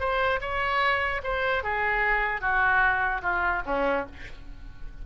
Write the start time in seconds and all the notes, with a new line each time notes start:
0.00 C5
0.41 C#5
1.24 C5
1.64 G#4
2.41 F#4
3.22 F4
3.66 C#4